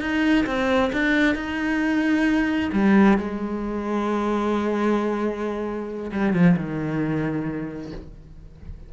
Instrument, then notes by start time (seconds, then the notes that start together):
cello
0.00 D#4
0.46 C4
0.92 D4
1.35 D#4
2.72 G3
3.17 G#3
6.12 G3
6.33 F3
6.56 D#3